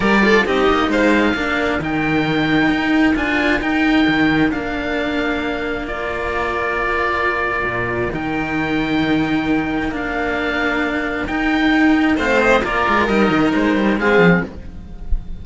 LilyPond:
<<
  \new Staff \with { instrumentName = "oboe" } { \time 4/4 \tempo 4 = 133 d''4 dis''4 f''2 | g''2. gis''4 | g''2 f''2~ | f''4 d''2.~ |
d''2 g''2~ | g''2 f''2~ | f''4 g''2 f''8 dis''8 | d''4 dis''4 c''4 f''4 | }
  \new Staff \with { instrumentName = "violin" } { \time 4/4 ais'8 a'8 g'4 c''4 ais'4~ | ais'1~ | ais'1~ | ais'1~ |
ais'1~ | ais'1~ | ais'2. c''4 | ais'2. gis'4 | }
  \new Staff \with { instrumentName = "cello" } { \time 4/4 g'8 f'8 dis'2 d'4 | dis'2. f'4 | dis'2 d'2~ | d'4 f'2.~ |
f'2 dis'2~ | dis'2 d'2~ | d'4 dis'2 c'4 | f'4 dis'2 c'4 | }
  \new Staff \with { instrumentName = "cello" } { \time 4/4 g4 c'8 ais8 gis4 ais4 | dis2 dis'4 d'4 | dis'4 dis4 ais2~ | ais1~ |
ais4 ais,4 dis2~ | dis2 ais2~ | ais4 dis'2 a4 | ais8 gis8 g8 dis8 gis8 g8 gis8 f8 | }
>>